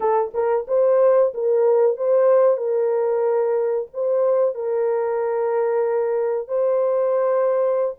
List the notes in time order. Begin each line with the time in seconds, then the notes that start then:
0.00 A4
0.33 A#4
0.67 C5
1.34 A#4
1.96 C5
2.57 A#4
3.93 C5
4.54 A#4
6.48 C5